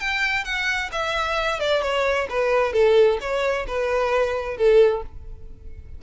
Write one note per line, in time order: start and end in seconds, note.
0.00 0.44 G5
0.44 0.90 F#5
0.92 1.59 E5
1.59 1.82 D5
1.82 2.27 C#5
2.30 2.73 B4
2.73 3.18 A4
3.20 3.66 C#5
3.67 4.57 B4
4.57 5.02 A4